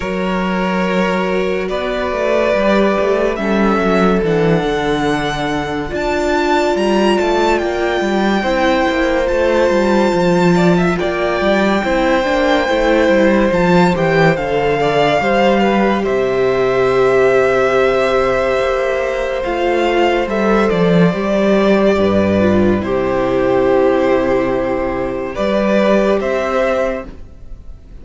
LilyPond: <<
  \new Staff \with { instrumentName = "violin" } { \time 4/4 \tempo 4 = 71 cis''2 d''2 | e''4 fis''2 a''4 | ais''8 a''8 g''2 a''4~ | a''4 g''2. |
a''8 g''8 f''2 e''4~ | e''2. f''4 | e''8 d''2~ d''8 c''4~ | c''2 d''4 e''4 | }
  \new Staff \with { instrumentName = "violin" } { \time 4/4 ais'2 b'2 | a'2. d''4~ | d''2 c''2~ | c''8 d''16 e''16 d''4 c''2~ |
c''4. d''8 c''8 b'8 c''4~ | c''1~ | c''2 b'4 g'4~ | g'2 b'4 c''4 | }
  \new Staff \with { instrumentName = "viola" } { \time 4/4 fis'2. g'4 | cis'4 d'2 f'4~ | f'2 e'4 f'4~ | f'2 e'8 d'8 e'4 |
f'8 g'8 a'4 g'2~ | g'2. f'4 | a'4 g'4. f'8 e'4~ | e'2 g'2 | }
  \new Staff \with { instrumentName = "cello" } { \time 4/4 fis2 b8 a8 g8 a8 | g8 fis8 e8 d4. d'4 | g8 a8 ais8 g8 c'8 ais8 a8 g8 | f4 ais8 g8 c'8 ais8 a8 g8 |
f8 e8 d4 g4 c4~ | c2 ais4 a4 | g8 f8 g4 g,4 c4~ | c2 g4 c'4 | }
>>